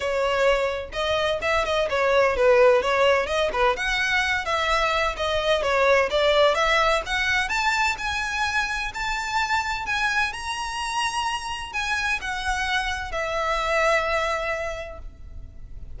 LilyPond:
\new Staff \with { instrumentName = "violin" } { \time 4/4 \tempo 4 = 128 cis''2 dis''4 e''8 dis''8 | cis''4 b'4 cis''4 dis''8 b'8 | fis''4. e''4. dis''4 | cis''4 d''4 e''4 fis''4 |
a''4 gis''2 a''4~ | a''4 gis''4 ais''2~ | ais''4 gis''4 fis''2 | e''1 | }